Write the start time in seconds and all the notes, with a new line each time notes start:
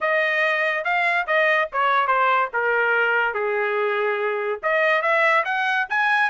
0.01 D#5
0.84 F5
1.26 D#5
1.72 C#5
2.07 C5
2.53 A#4
3.34 G#4
4.62 D#5
5.02 E5
5.44 F#5
5.89 G#5